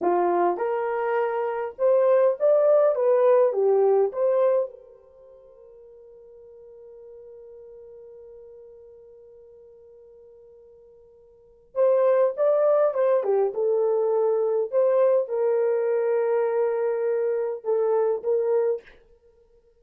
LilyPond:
\new Staff \with { instrumentName = "horn" } { \time 4/4 \tempo 4 = 102 f'4 ais'2 c''4 | d''4 b'4 g'4 c''4 | ais'1~ | ais'1~ |
ais'1 | c''4 d''4 c''8 g'8 a'4~ | a'4 c''4 ais'2~ | ais'2 a'4 ais'4 | }